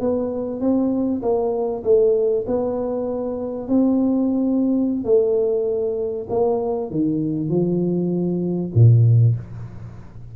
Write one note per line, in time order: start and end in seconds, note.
0.00 0.61 B3
0.61 1.22 C4
1.22 1.83 A#3
1.84 2.45 A3
2.47 3.68 B3
3.68 5.05 C4
5.05 6.27 A3
6.29 6.90 A#3
6.90 7.49 D#3
7.49 8.71 F3
8.75 9.36 A#2